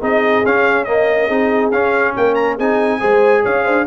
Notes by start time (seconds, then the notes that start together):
0.00 C4 D#4 G#4 D#5
0.45 C#4 F5
0.84 A#3 D#5
1.27 C4 D#4 G#4
1.72 C#4 F5
2.16 A#3 A#4 G5
2.35 A#5
2.56 C4 D#4 G#4 G#5
3.00 G#3 G#4 C5
3.43 C#4 C#5 F5
3.64 D4 C5